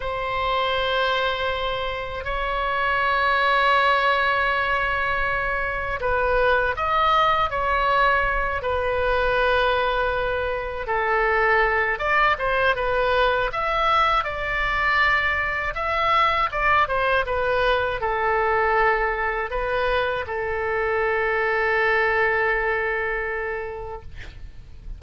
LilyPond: \new Staff \with { instrumentName = "oboe" } { \time 4/4 \tempo 4 = 80 c''2. cis''4~ | cis''1 | b'4 dis''4 cis''4. b'8~ | b'2~ b'8 a'4. |
d''8 c''8 b'4 e''4 d''4~ | d''4 e''4 d''8 c''8 b'4 | a'2 b'4 a'4~ | a'1 | }